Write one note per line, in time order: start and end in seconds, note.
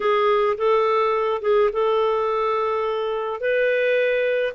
0.00 0.57 G#4
0.57 1.41 A4
1.41 1.70 G#4
1.72 3.40 A4
3.40 4.53 B4